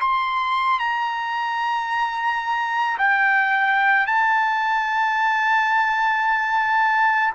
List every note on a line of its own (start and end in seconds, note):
0.00 0.79 C6
0.79 2.98 A#5
2.98 4.06 G5
4.06 7.33 A5